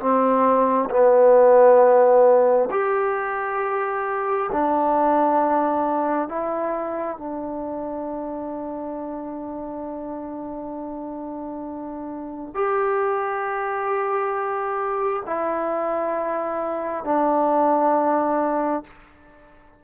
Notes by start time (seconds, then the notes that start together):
0.00 C4
0.90 B3
2.71 G4
4.52 D4
6.28 E4
7.18 D4
12.55 G4
15.26 E4
17.05 D4